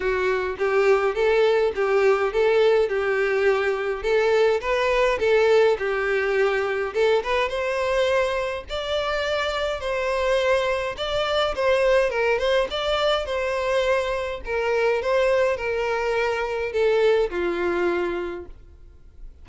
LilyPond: \new Staff \with { instrumentName = "violin" } { \time 4/4 \tempo 4 = 104 fis'4 g'4 a'4 g'4 | a'4 g'2 a'4 | b'4 a'4 g'2 | a'8 b'8 c''2 d''4~ |
d''4 c''2 d''4 | c''4 ais'8 c''8 d''4 c''4~ | c''4 ais'4 c''4 ais'4~ | ais'4 a'4 f'2 | }